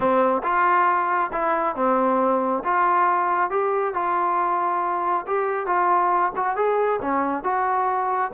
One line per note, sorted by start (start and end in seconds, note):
0.00 0.41 C4
0.43 1.30 F4
1.32 1.75 E4
1.75 2.63 C4
2.64 3.50 F4
3.50 3.94 G4
3.94 5.25 F4
5.26 5.66 G4
5.66 6.32 F4
6.36 6.56 F#4
6.56 7.00 G#4
7.01 7.43 C#4
7.43 8.31 F#4